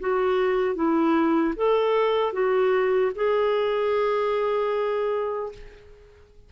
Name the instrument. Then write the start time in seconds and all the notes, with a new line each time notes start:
clarinet
0.00 F#4
0.75 E4
1.56 A4
2.33 F#4
3.15 G#4